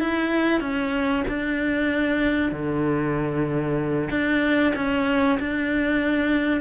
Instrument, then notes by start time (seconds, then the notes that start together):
cello
0.00 E4
0.61 C#4
1.28 D4
2.52 D3
4.11 D4
4.76 C#4
5.40 D4